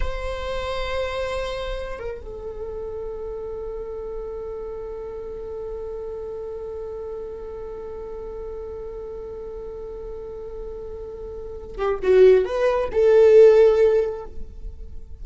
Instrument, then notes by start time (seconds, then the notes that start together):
viola
0.00 C5
1.99 A#4
2.21 A4
11.77 G4
12.02 F#4
12.44 B4
12.92 A4